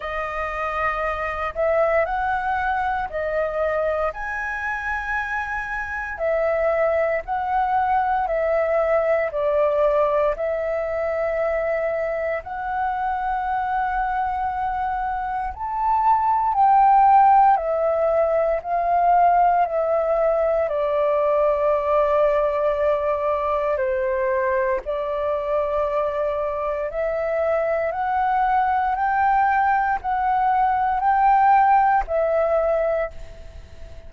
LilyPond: \new Staff \with { instrumentName = "flute" } { \time 4/4 \tempo 4 = 58 dis''4. e''8 fis''4 dis''4 | gis''2 e''4 fis''4 | e''4 d''4 e''2 | fis''2. a''4 |
g''4 e''4 f''4 e''4 | d''2. c''4 | d''2 e''4 fis''4 | g''4 fis''4 g''4 e''4 | }